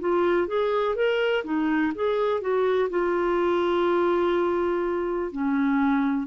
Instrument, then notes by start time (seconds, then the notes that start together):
clarinet
0.00 F4
0.48 G#4
0.95 A#4
1.44 D#4
1.95 G#4
2.41 F#4
2.90 F4
5.32 C#4